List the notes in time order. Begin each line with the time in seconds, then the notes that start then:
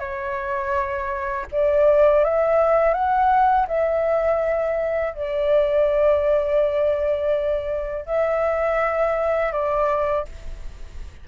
0.00 C#5
1.52 D5
2.25 E5
2.94 F#5
3.68 E5
5.15 D5
8.06 E5
9.53 D5